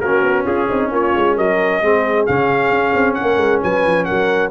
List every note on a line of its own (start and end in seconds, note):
0.00 0.22 A#3
0.00 1.82 C#4
0.00 0.45 F#4
0.00 0.45 A#4
0.22 0.45 B3
0.45 0.69 C#4
0.45 0.67 F4
0.45 0.91 G#4
0.69 0.91 C4
0.69 0.91 D#4
0.91 1.14 A#3
0.91 1.36 F4
0.91 1.37 C#5
1.15 1.37 G#3
1.36 1.82 F#3
1.36 1.81 A#4
1.36 2.26 D#5
1.82 2.27 G#3
1.82 2.28 C4
1.82 3.18 G#4
2.26 2.70 C#3
2.26 4.51 C#4
2.26 3.14 F5
2.70 2.92 C#4
2.94 3.16 C4
3.14 3.62 A#4
3.14 3.59 F#5
3.21 3.37 A#3
3.37 3.59 G#3
3.62 3.86 F#3
3.62 4.06 B4
3.62 4.04 G#5
3.86 4.08 F3
4.04 4.51 F#3
4.04 4.51 A#4
4.04 4.50 F#5